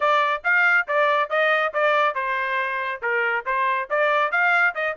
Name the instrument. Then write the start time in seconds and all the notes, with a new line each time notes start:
trumpet
0.00 D5
0.44 F5
0.87 D5
1.29 D#5
1.73 D5
2.14 C5
3.02 A#4
3.45 C5
3.90 D5
4.31 F5
4.74 D#5